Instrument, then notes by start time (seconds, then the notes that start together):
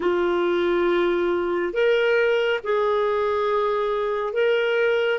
clarinet
0.00 F4
1.73 A#4
2.63 G#4
4.33 A#4